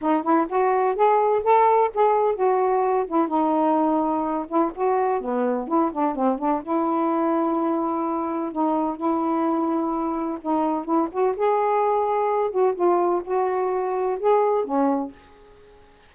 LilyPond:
\new Staff \with { instrumentName = "saxophone" } { \time 4/4 \tempo 4 = 127 dis'8 e'8 fis'4 gis'4 a'4 | gis'4 fis'4. e'8 dis'4~ | dis'4. e'8 fis'4 b4 | e'8 d'8 c'8 d'8 e'2~ |
e'2 dis'4 e'4~ | e'2 dis'4 e'8 fis'8 | gis'2~ gis'8 fis'8 f'4 | fis'2 gis'4 cis'4 | }